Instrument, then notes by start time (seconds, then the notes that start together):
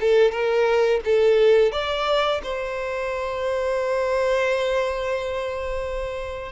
violin
0.00 A4
0.31 A#4
1.04 A4
1.72 D5
2.43 C5